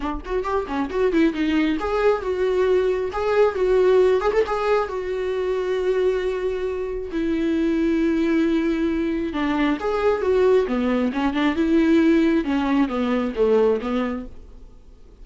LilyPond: \new Staff \with { instrumentName = "viola" } { \time 4/4 \tempo 4 = 135 d'8 fis'8 g'8 cis'8 fis'8 e'8 dis'4 | gis'4 fis'2 gis'4 | fis'4. gis'16 a'16 gis'4 fis'4~ | fis'1 |
e'1~ | e'4 d'4 gis'4 fis'4 | b4 cis'8 d'8 e'2 | cis'4 b4 a4 b4 | }